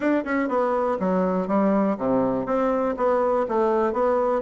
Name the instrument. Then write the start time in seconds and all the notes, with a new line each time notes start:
bassoon
0.00 D4
0.24 C#4
0.48 B3
0.99 F#3
1.47 G3
1.97 C3
2.46 C4
2.96 B3
3.48 A3
3.92 B3